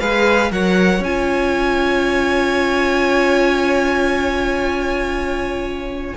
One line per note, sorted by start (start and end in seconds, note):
0.00 0.51 G#3
0.00 0.51 G#4
0.00 0.51 B4
0.00 0.51 F5
0.51 1.00 F#3
0.51 1.02 A#4
0.51 6.16 C#5
0.51 1.03 F#5
1.00 6.13 C#4
1.00 6.17 F4
1.00 6.16 G#5